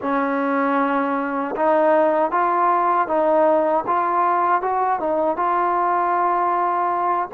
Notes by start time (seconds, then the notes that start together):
0.01 C#4
1.56 D#4
2.31 F4
3.07 D#4
3.87 F4
4.61 F#4
4.99 D#4
5.36 F4